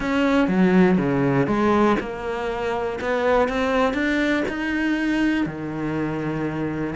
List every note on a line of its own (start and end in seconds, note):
0.00 0.48 C#4
0.48 0.97 F#3
0.97 1.47 C#3
1.47 1.96 G#3
2.00 2.99 A#3
3.00 3.48 B3
3.48 3.93 C4
3.93 4.43 D4
4.48 5.46 D#4
5.46 6.94 D#3